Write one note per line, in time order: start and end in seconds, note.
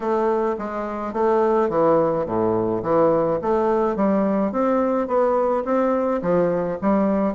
0.00 0.56 A3
0.58 1.13 G#3
1.13 1.69 A3
1.69 2.25 E3
2.26 2.82 A2
2.83 3.39 E3
3.41 3.96 A3
3.96 4.51 G3
4.51 5.07 C4
5.07 5.64 B3
5.64 6.21 C4
6.21 6.78 F3
6.81 7.34 G3